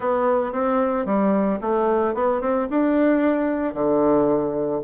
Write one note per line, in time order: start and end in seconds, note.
0.00 0.52 B3
0.52 1.05 C4
1.05 1.59 G3
1.61 2.14 A3
2.14 2.41 B3
2.41 2.68 C4
2.70 3.74 D4
3.74 4.81 D3